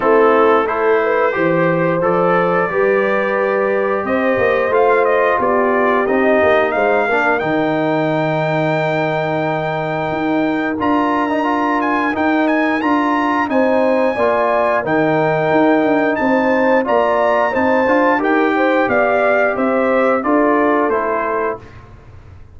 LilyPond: <<
  \new Staff \with { instrumentName = "trumpet" } { \time 4/4 \tempo 4 = 89 a'4 c''2 d''4~ | d''2 dis''4 f''8 dis''8 | d''4 dis''4 f''4 g''4~ | g''1 |
ais''4. gis''8 g''8 gis''8 ais''4 | gis''2 g''2 | a''4 ais''4 a''4 g''4 | f''4 e''4 d''4 c''4 | }
  \new Staff \with { instrumentName = "horn" } { \time 4/4 e'4 a'8 b'8 c''2 | b'2 c''2 | g'2 c''8 ais'4.~ | ais'1~ |
ais'1 | c''4 d''4 ais'2 | c''4 d''4 c''4 ais'8 c''8 | d''4 c''4 a'2 | }
  \new Staff \with { instrumentName = "trombone" } { \time 4/4 c'4 e'4 g'4 a'4 | g'2. f'4~ | f'4 dis'4. d'8 dis'4~ | dis'1 |
f'8. dis'16 f'4 dis'4 f'4 | dis'4 f'4 dis'2~ | dis'4 f'4 dis'8 f'8 g'4~ | g'2 f'4 e'4 | }
  \new Staff \with { instrumentName = "tuba" } { \time 4/4 a2 e4 f4 | g2 c'8 ais8 a4 | b4 c'8 ais8 gis8 ais8 dis4~ | dis2. dis'4 |
d'2 dis'4 d'4 | c'4 ais4 dis4 dis'8 d'8 | c'4 ais4 c'8 d'8 dis'4 | b4 c'4 d'4 a4 | }
>>